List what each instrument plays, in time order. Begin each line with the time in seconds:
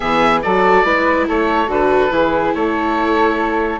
0.00 bassoon E3, viola B3, flute G#4, oboe E5
0.42 bassoon F#3, viola F#4, flute A4, oboe D5
0.84 bassoon G#3, viola E4, flute B4
1.28 bassoon A3, flute A4, oboe C#5
1.67 bassoon D3, viola F#4, oboe B4
2.10 bassoon E3, viola E4, flute G#4
2.54 bassoon A3, flute A4, oboe C#5